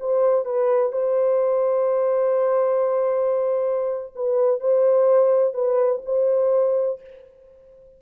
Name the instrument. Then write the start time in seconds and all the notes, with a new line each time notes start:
horn
0.00 C5
0.45 B4
0.92 C5
4.16 B4
4.60 C5
5.54 B4
6.06 C5